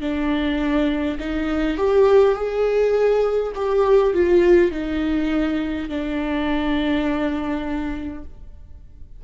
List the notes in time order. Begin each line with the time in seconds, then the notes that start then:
0.00 D4
1.19 D#4
1.77 G4
2.35 G#4
3.55 G4
4.14 F4
4.71 D#4
5.89 D4